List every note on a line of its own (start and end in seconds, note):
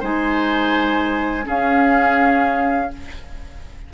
0.00 1.46 G#3
0.00 1.43 D#4
0.00 1.45 C5
0.00 1.48 G#5
1.43 2.87 C#4
1.43 2.92 C#4
1.43 2.90 G#4
1.43 2.93 F5